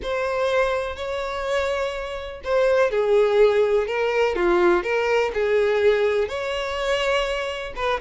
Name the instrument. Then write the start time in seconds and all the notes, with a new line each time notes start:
violin
0.02 C5
0.96 C#5
2.43 C5
2.90 G#4
3.87 A#4
4.35 F4
4.83 A#4
5.33 G#4
6.28 C#5
7.76 B4